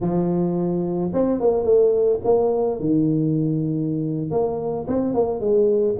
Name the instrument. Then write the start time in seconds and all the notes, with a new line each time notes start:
tuba
0.00 F3
1.13 C4
1.40 A#3
1.64 A3
2.24 A#3
2.80 D#3
4.30 A#3
4.87 C4
5.14 A#3
5.40 G#3